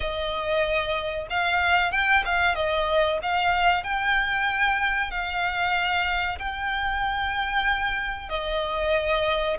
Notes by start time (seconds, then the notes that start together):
0.00 D#5
1.29 F5
1.91 G5
2.25 F5
2.55 D#5
3.22 F5
3.83 G5
5.11 F5
6.39 G5
8.29 D#5